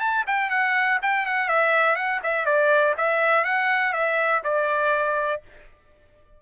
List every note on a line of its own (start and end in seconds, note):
0.00 0.24 A5
0.27 0.50 G5
0.50 0.99 F#5
1.02 1.26 G5
1.26 1.48 F#5
1.48 1.95 E5
1.95 2.20 F#5
2.23 2.45 E5
2.45 2.94 D5
2.97 3.44 E5
3.44 3.92 F#5
3.92 4.41 E5
4.44 5.42 D5